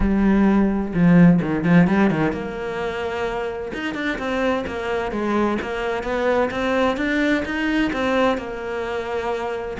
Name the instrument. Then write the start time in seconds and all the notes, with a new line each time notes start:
cello
0.00 G3
0.94 F3
1.41 D#3
1.63 F3
1.87 G3
2.10 D#3
2.32 A#3
3.73 D#4
3.94 D4
4.18 C4
4.66 A#3
5.11 G#3
5.61 A#3
6.03 B3
6.51 C4
6.96 D4
7.45 D#4
7.92 C4
8.37 A#3